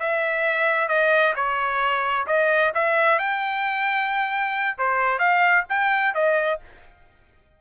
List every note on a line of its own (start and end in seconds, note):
0.00 0.88 E5
0.88 1.34 D#5
1.36 2.27 C#5
2.27 2.73 D#5
2.74 3.19 E5
3.19 4.78 G5
4.78 5.19 C5
5.19 5.64 F5
5.69 6.15 G5
6.15 6.60 D#5